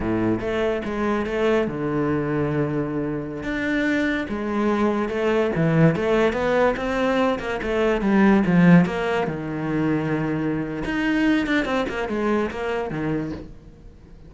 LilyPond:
\new Staff \with { instrumentName = "cello" } { \time 4/4 \tempo 4 = 144 a,4 a4 gis4 a4 | d1~ | d16 d'2 gis4.~ gis16~ | gis16 a4 e4 a4 b8.~ |
b16 c'4. ais8 a4 g8.~ | g16 f4 ais4 dis4.~ dis16~ | dis2 dis'4. d'8 | c'8 ais8 gis4 ais4 dis4 | }